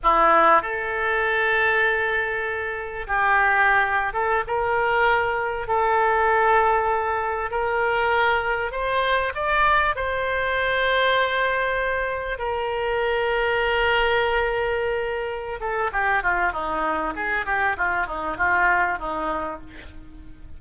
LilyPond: \new Staff \with { instrumentName = "oboe" } { \time 4/4 \tempo 4 = 98 e'4 a'2.~ | a'4 g'4.~ g'16 a'8 ais'8.~ | ais'4~ ais'16 a'2~ a'8.~ | a'16 ais'2 c''4 d''8.~ |
d''16 c''2.~ c''8.~ | c''16 ais'2.~ ais'8.~ | ais'4. a'8 g'8 f'8 dis'4 | gis'8 g'8 f'8 dis'8 f'4 dis'4 | }